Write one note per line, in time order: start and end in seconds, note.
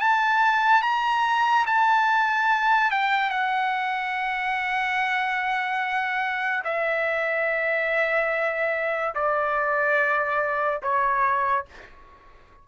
0.00 0.82 A5
0.82 1.66 A#5
1.66 2.91 A5
2.91 3.30 G5
3.30 6.63 F#5
6.65 9.15 E5
9.15 10.81 D5
10.82 11.66 C#5